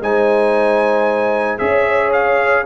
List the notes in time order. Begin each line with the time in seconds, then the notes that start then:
0.00 G#3 D#4 C5 G#5
1.58 C#4 G#4 C#5 E5
2.12 F5